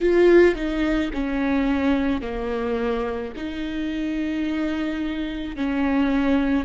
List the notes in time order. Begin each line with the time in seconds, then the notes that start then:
0.00 F4
0.55 D#4
1.13 C#4
2.21 A#3
3.36 D#4
5.56 C#4